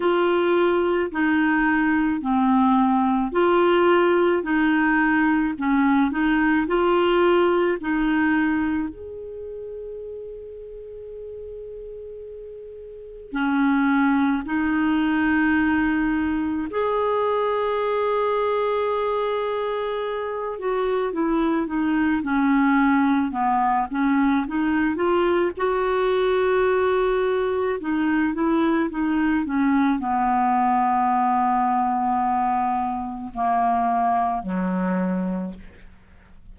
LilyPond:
\new Staff \with { instrumentName = "clarinet" } { \time 4/4 \tempo 4 = 54 f'4 dis'4 c'4 f'4 | dis'4 cis'8 dis'8 f'4 dis'4 | gis'1 | cis'4 dis'2 gis'4~ |
gis'2~ gis'8 fis'8 e'8 dis'8 | cis'4 b8 cis'8 dis'8 f'8 fis'4~ | fis'4 dis'8 e'8 dis'8 cis'8 b4~ | b2 ais4 fis4 | }